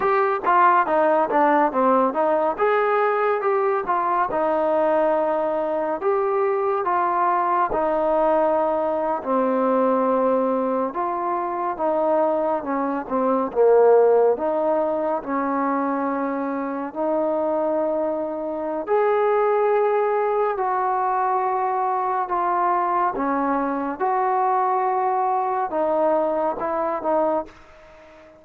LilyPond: \new Staff \with { instrumentName = "trombone" } { \time 4/4 \tempo 4 = 70 g'8 f'8 dis'8 d'8 c'8 dis'8 gis'4 | g'8 f'8 dis'2 g'4 | f'4 dis'4.~ dis'16 c'4~ c'16~ | c'8. f'4 dis'4 cis'8 c'8 ais16~ |
ais8. dis'4 cis'2 dis'16~ | dis'2 gis'2 | fis'2 f'4 cis'4 | fis'2 dis'4 e'8 dis'8 | }